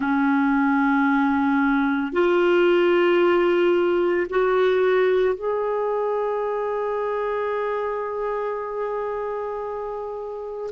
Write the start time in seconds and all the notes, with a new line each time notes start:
0.00 C#4
2.12 F4
4.29 F#4
5.34 G#4